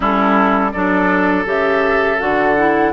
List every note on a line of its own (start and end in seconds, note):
0.00 0.73 G3
0.00 0.71 C#4
0.00 0.71 E4
0.00 0.71 A4
0.71 1.45 F#3
0.71 1.45 D4
0.71 2.92 A4
0.71 1.45 D5
1.45 2.18 C#3
1.45 2.18 G4
1.45 2.20 E5
2.18 2.92 D3
2.18 2.55 F#4
2.18 2.92 F#5
2.57 2.92 E4